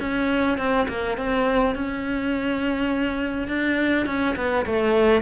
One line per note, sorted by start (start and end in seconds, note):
0.00 0.58 C#4
0.58 0.87 C4
0.89 1.18 A#3
1.18 1.75 C4
1.75 3.48 C#4
3.48 4.06 D4
4.07 4.36 C#4
4.37 4.66 B3
4.66 5.22 A3